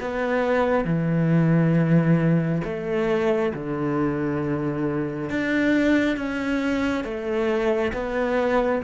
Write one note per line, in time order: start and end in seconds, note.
0.00 0.85 B3
0.85 2.61 E3
2.64 3.52 A3
3.54 5.29 D3
5.29 6.17 D4
6.17 7.04 C#4
7.04 7.92 A3
7.93 8.81 B3